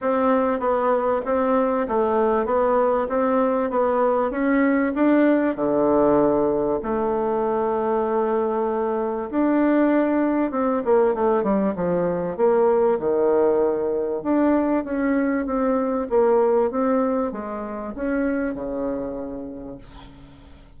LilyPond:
\new Staff \with { instrumentName = "bassoon" } { \time 4/4 \tempo 4 = 97 c'4 b4 c'4 a4 | b4 c'4 b4 cis'4 | d'4 d2 a4~ | a2. d'4~ |
d'4 c'8 ais8 a8 g8 f4 | ais4 dis2 d'4 | cis'4 c'4 ais4 c'4 | gis4 cis'4 cis2 | }